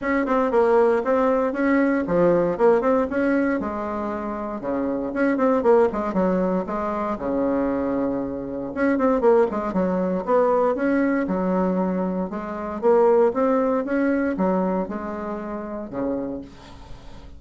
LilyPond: \new Staff \with { instrumentName = "bassoon" } { \time 4/4 \tempo 4 = 117 cis'8 c'8 ais4 c'4 cis'4 | f4 ais8 c'8 cis'4 gis4~ | gis4 cis4 cis'8 c'8 ais8 gis8 | fis4 gis4 cis2~ |
cis4 cis'8 c'8 ais8 gis8 fis4 | b4 cis'4 fis2 | gis4 ais4 c'4 cis'4 | fis4 gis2 cis4 | }